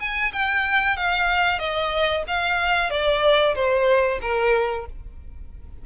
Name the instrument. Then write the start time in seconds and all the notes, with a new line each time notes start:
violin
0.00 G#5
0.33 G5
0.97 F5
1.59 D#5
2.28 F5
2.90 D5
3.55 C5
4.21 A#4